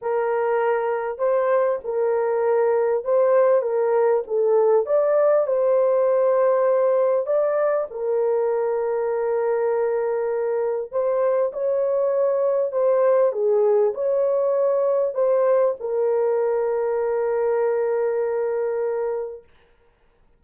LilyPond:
\new Staff \with { instrumentName = "horn" } { \time 4/4 \tempo 4 = 99 ais'2 c''4 ais'4~ | ais'4 c''4 ais'4 a'4 | d''4 c''2. | d''4 ais'2.~ |
ais'2 c''4 cis''4~ | cis''4 c''4 gis'4 cis''4~ | cis''4 c''4 ais'2~ | ais'1 | }